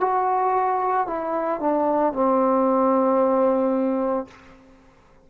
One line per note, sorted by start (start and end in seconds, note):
0.00 1.07 F#4
1.07 1.60 E4
1.60 2.13 D4
2.13 4.28 C4